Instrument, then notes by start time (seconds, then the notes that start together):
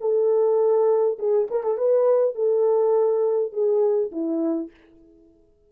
horn
0.00 A4
1.18 G#4
1.50 A#4
1.63 A4
1.77 B4
2.34 A4
3.52 G#4
4.11 E4